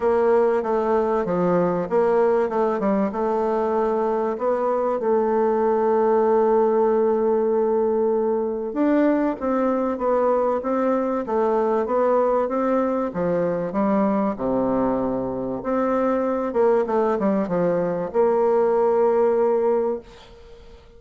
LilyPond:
\new Staff \with { instrumentName = "bassoon" } { \time 4/4 \tempo 4 = 96 ais4 a4 f4 ais4 | a8 g8 a2 b4 | a1~ | a2 d'4 c'4 |
b4 c'4 a4 b4 | c'4 f4 g4 c4~ | c4 c'4. ais8 a8 g8 | f4 ais2. | }